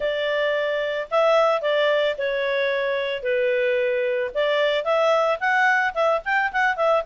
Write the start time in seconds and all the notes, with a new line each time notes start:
0.00 D5
1.11 E5
1.61 D5
2.18 C#5
3.23 B4
4.34 D5
4.84 E5
5.40 F#5
5.94 E5
6.24 G5
6.52 F#5
6.76 E5